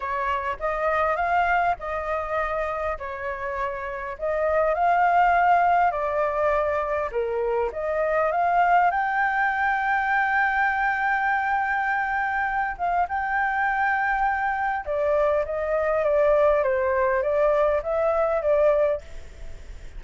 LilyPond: \new Staff \with { instrumentName = "flute" } { \time 4/4 \tempo 4 = 101 cis''4 dis''4 f''4 dis''4~ | dis''4 cis''2 dis''4 | f''2 d''2 | ais'4 dis''4 f''4 g''4~ |
g''1~ | g''4. f''8 g''2~ | g''4 d''4 dis''4 d''4 | c''4 d''4 e''4 d''4 | }